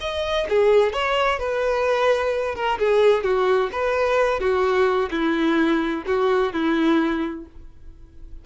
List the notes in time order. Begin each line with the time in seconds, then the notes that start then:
0.00 D#5
0.49 G#4
0.92 C#5
1.39 B4
2.55 A#4
2.78 G#4
3.23 F#4
3.72 B4
4.40 F#4
5.10 E4
6.06 F#4
6.52 E4